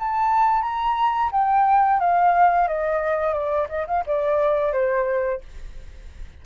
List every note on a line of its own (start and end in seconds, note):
0.00 0.63 A5
0.63 1.31 A#5
1.32 2.01 G5
2.01 2.68 F5
2.68 3.34 D#5
3.34 3.68 D5
3.69 3.87 D#5
3.88 4.05 F5
4.07 4.73 D5
4.73 5.41 C5